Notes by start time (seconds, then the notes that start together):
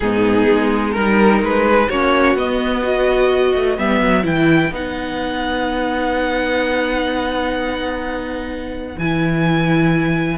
0.00 G#2 B3 D#4 G#4
0.50 G#3
0.92 G3 D#4 A#4
1.42 G#3 B4
1.67 G#4
1.89 A#3 C#4 F#4 C#5
2.35 B3 D#5
2.83 F#4 B4
3.54 A3
3.77 G3 B3 E5
4.01 F#3
4.23 E3 E4 G5
4.70 B3 D#4 F#5
8.97 E3 E4 G#5